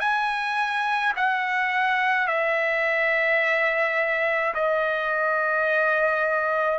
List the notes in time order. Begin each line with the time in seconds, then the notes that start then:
0.00 G#5
1.16 F#5
2.27 E5
4.54 D#5